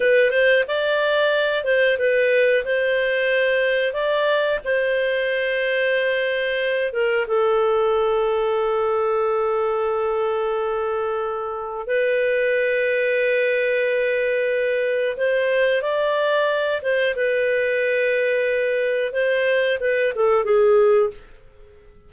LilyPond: \new Staff \with { instrumentName = "clarinet" } { \time 4/4 \tempo 4 = 91 b'8 c''8 d''4. c''8 b'4 | c''2 d''4 c''4~ | c''2~ c''8 ais'8 a'4~ | a'1~ |
a'2 b'2~ | b'2. c''4 | d''4. c''8 b'2~ | b'4 c''4 b'8 a'8 gis'4 | }